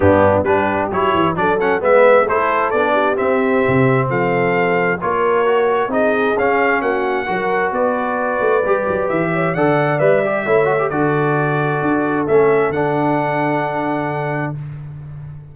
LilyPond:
<<
  \new Staff \with { instrumentName = "trumpet" } { \time 4/4 \tempo 4 = 132 g'4 b'4 cis''4 d''8 fis''8 | e''4 c''4 d''4 e''4~ | e''4 f''2 cis''4~ | cis''4 dis''4 f''4 fis''4~ |
fis''4 d''2. | e''4 fis''4 e''2 | d''2. e''4 | fis''1 | }
  \new Staff \with { instrumentName = "horn" } { \time 4/4 d'4 g'2 a'4 | b'4 a'4. g'4.~ | g'4 a'2 ais'4~ | ais'4 gis'2 fis'4 |
ais'4 b'2.~ | b'8 cis''8 d''2 cis''4 | a'1~ | a'1 | }
  \new Staff \with { instrumentName = "trombone" } { \time 4/4 b4 d'4 e'4 d'8 cis'8 | b4 e'4 d'4 c'4~ | c'2. f'4 | fis'4 dis'4 cis'2 |
fis'2. g'4~ | g'4 a'4 b'8 g'8 e'8 fis'16 g'16 | fis'2. cis'4 | d'1 | }
  \new Staff \with { instrumentName = "tuba" } { \time 4/4 g,4 g4 fis8 e8 fis4 | gis4 a4 b4 c'4 | c4 f2 ais4~ | ais4 c'4 cis'4 ais4 |
fis4 b4. a8 g8 fis8 | e4 d4 g4 a4 | d2 d'4 a4 | d1 | }
>>